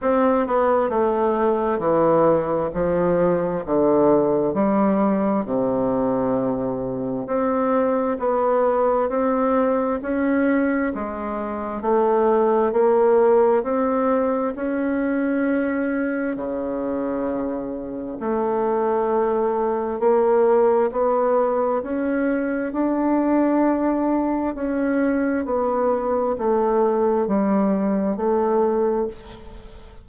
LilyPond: \new Staff \with { instrumentName = "bassoon" } { \time 4/4 \tempo 4 = 66 c'8 b8 a4 e4 f4 | d4 g4 c2 | c'4 b4 c'4 cis'4 | gis4 a4 ais4 c'4 |
cis'2 cis2 | a2 ais4 b4 | cis'4 d'2 cis'4 | b4 a4 g4 a4 | }